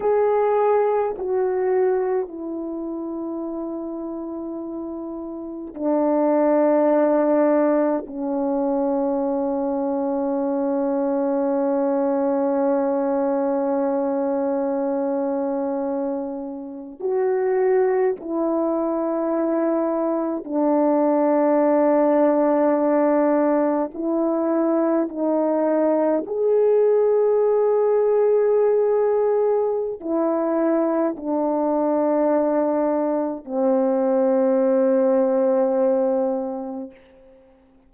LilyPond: \new Staff \with { instrumentName = "horn" } { \time 4/4 \tempo 4 = 52 gis'4 fis'4 e'2~ | e'4 d'2 cis'4~ | cis'1~ | cis'2~ cis'8. fis'4 e'16~ |
e'4.~ e'16 d'2~ d'16~ | d'8. e'4 dis'4 gis'4~ gis'16~ | gis'2 e'4 d'4~ | d'4 c'2. | }